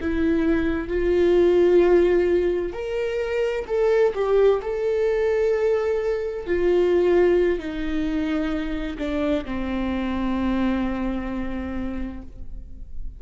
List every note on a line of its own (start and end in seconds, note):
0.00 0.88 E4
0.88 2.73 F4
2.73 3.65 A#4
3.67 4.13 A4
4.14 4.60 G4
4.62 6.46 A4
6.46 7.59 F4
7.59 8.97 D#4
8.98 9.44 D4
9.45 12.22 C4